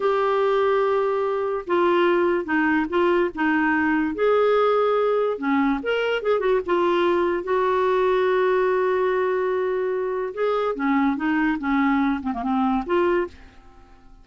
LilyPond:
\new Staff \with { instrumentName = "clarinet" } { \time 4/4 \tempo 4 = 145 g'1 | f'2 dis'4 f'4 | dis'2 gis'2~ | gis'4 cis'4 ais'4 gis'8 fis'8 |
f'2 fis'2~ | fis'1~ | fis'4 gis'4 cis'4 dis'4 | cis'4. c'16 ais16 c'4 f'4 | }